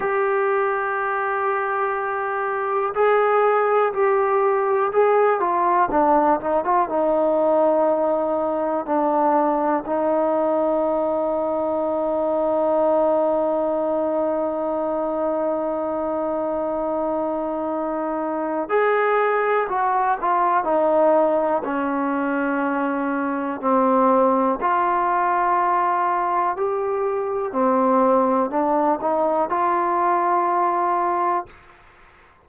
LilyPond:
\new Staff \with { instrumentName = "trombone" } { \time 4/4 \tempo 4 = 61 g'2. gis'4 | g'4 gis'8 f'8 d'8 dis'16 f'16 dis'4~ | dis'4 d'4 dis'2~ | dis'1~ |
dis'2. gis'4 | fis'8 f'8 dis'4 cis'2 | c'4 f'2 g'4 | c'4 d'8 dis'8 f'2 | }